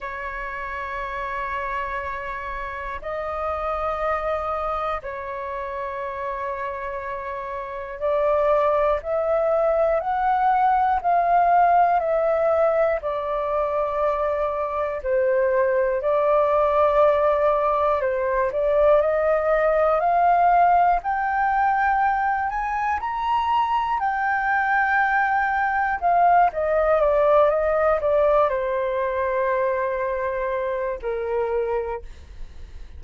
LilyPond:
\new Staff \with { instrumentName = "flute" } { \time 4/4 \tempo 4 = 60 cis''2. dis''4~ | dis''4 cis''2. | d''4 e''4 fis''4 f''4 | e''4 d''2 c''4 |
d''2 c''8 d''8 dis''4 | f''4 g''4. gis''8 ais''4 | g''2 f''8 dis''8 d''8 dis''8 | d''8 c''2~ c''8 ais'4 | }